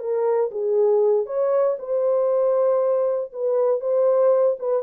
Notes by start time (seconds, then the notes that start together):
0.00 A#4
0.51 G#4
1.26 C#5
1.79 C5
3.33 B4
3.81 C5
4.59 B4